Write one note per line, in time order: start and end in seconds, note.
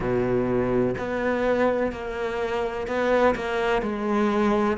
0.00 0.94 B2
0.98 1.92 B3
1.92 2.87 A#3
2.87 3.35 B3
3.35 3.81 A#3
3.81 4.77 G#3